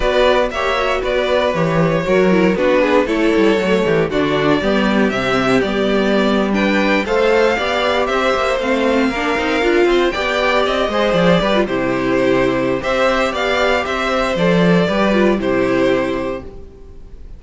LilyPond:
<<
  \new Staff \with { instrumentName = "violin" } { \time 4/4 \tempo 4 = 117 d''4 e''4 d''4 cis''4~ | cis''4 b'4 cis''2 | d''2 e''4 d''4~ | d''8. g''4 f''2 e''16~ |
e''8. f''2. g''16~ | g''8. dis''4 d''4 c''4~ c''16~ | c''4 e''4 f''4 e''4 | d''2 c''2 | }
  \new Staff \with { instrumentName = "violin" } { \time 4/4 b'4 cis''4 b'2 | ais'4 fis'8 gis'8 a'4. g'8 | fis'4 g'2.~ | g'8. b'4 c''4 d''4 c''16~ |
c''4.~ c''16 ais'4. c''8 d''16~ | d''4~ d''16 c''4 b'8 g'4~ g'16~ | g'4 c''4 d''4 c''4~ | c''4 b'4 g'2 | }
  \new Staff \with { instrumentName = "viola" } { \time 4/4 fis'4 g'8 fis'4. g'4 | fis'8 e'8 d'4 e'4 a4 | d'4 b4 c'4 b4~ | b8. d'4 a'4 g'4~ g'16~ |
g'8. c'4 d'8 dis'8 f'4 g'16~ | g'4~ g'16 gis'4 g'16 f'16 e'4~ e'16~ | e'4 g'2. | a'4 g'8 f'8 e'2 | }
  \new Staff \with { instrumentName = "cello" } { \time 4/4 b4 ais4 b4 e4 | fis4 b4 a8 g8 fis8 e8 | d4 g4 c4 g4~ | g4.~ g16 a4 b4 c'16~ |
c'16 ais8 a4 ais8 c'8 d'8 c'8 b16~ | b8. c'8 gis8 f8 g8 c4~ c16~ | c4 c'4 b4 c'4 | f4 g4 c2 | }
>>